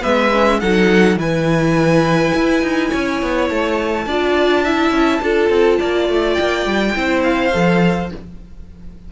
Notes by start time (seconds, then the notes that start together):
0.00 G#3 B3 B4 E5
0.32 C#4
0.60 F#3 D#4 A4 F#5
1.16 E3 E4 B4 G#5
2.34 E4
2.62 D#4
2.90 C#4 C#5
3.22 B3
3.49 A3 A5
4.06 D4 F4 D5
4.63 E4 E5
4.91 C#4
5.22 D4 F4 A4
5.50 C4
5.80 A#3 D5
6.09 A3
6.34 G5
6.40 A#3
6.66 G3
6.94 C4 E4 C5
7.23 F5
7.52 F3 A4